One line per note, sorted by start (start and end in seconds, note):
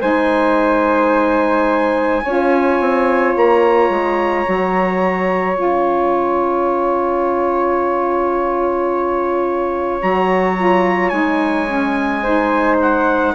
0.00 2.23 G#3
0.00 2.22 D#4
0.00 2.22 C5
0.00 3.34 G#5
2.23 2.80 C#4
2.23 4.45 F4
2.23 12.22 C#5
2.80 3.35 C4
3.36 3.89 A#3
3.36 5.57 A#5
3.89 4.45 G#3
4.45 5.58 F#3
4.45 5.55 F#4
5.55 10.02 C#4
5.55 9.99 F4
5.55 10.01 G#5
10.00 11.12 F#3
10.00 10.56 F#4
10.00 11.09 A#5
10.56 11.12 F4
11.09 13.34 G#3
11.09 11.67 D#4
11.09 12.75 G#5
11.67 12.22 C#4
12.22 13.35 D#4
12.22 13.33 C5
12.81 13.35 F#5